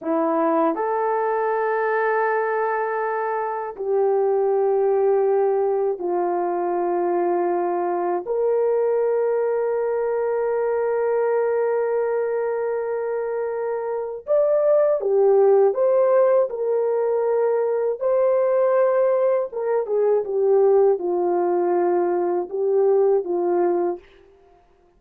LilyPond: \new Staff \with { instrumentName = "horn" } { \time 4/4 \tempo 4 = 80 e'4 a'2.~ | a'4 g'2. | f'2. ais'4~ | ais'1~ |
ais'2. d''4 | g'4 c''4 ais'2 | c''2 ais'8 gis'8 g'4 | f'2 g'4 f'4 | }